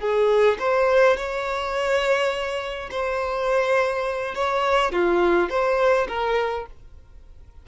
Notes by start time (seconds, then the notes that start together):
0.00 G#4
0.60 C5
1.17 C#5
2.91 C5
4.35 C#5
4.92 F4
5.50 C5
6.08 A#4